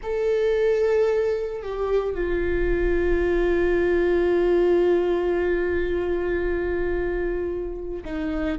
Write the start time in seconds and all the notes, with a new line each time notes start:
0.02 A4
1.62 G4
2.14 F4
8.04 D#4